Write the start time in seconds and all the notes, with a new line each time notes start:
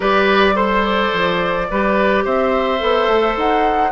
0.00 G3 G4 B4 D5
0.53 A4 C5
0.84 D5
1.13 F3
1.70 G3 G4 B4
2.24 C4 C5 E5
2.78 B3 A4
3.07 A3
3.36 D#4 F#5